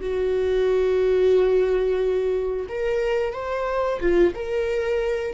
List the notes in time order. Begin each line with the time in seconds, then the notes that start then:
0.00 F#4
2.69 A#4
3.33 C5
4.00 F4
4.35 A#4